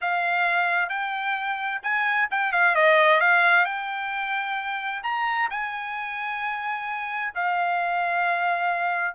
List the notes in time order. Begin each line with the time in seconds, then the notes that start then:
0.01 F5
0.89 G5
1.82 G#5
2.30 G5
2.52 F5
2.75 D#5
3.20 F5
3.65 G5
5.03 A#5
5.50 G#5
7.34 F5